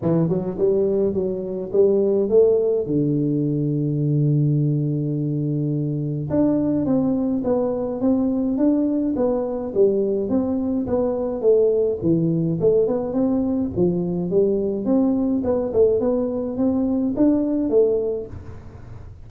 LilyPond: \new Staff \with { instrumentName = "tuba" } { \time 4/4 \tempo 4 = 105 e8 fis8 g4 fis4 g4 | a4 d2.~ | d2. d'4 | c'4 b4 c'4 d'4 |
b4 g4 c'4 b4 | a4 e4 a8 b8 c'4 | f4 g4 c'4 b8 a8 | b4 c'4 d'4 a4 | }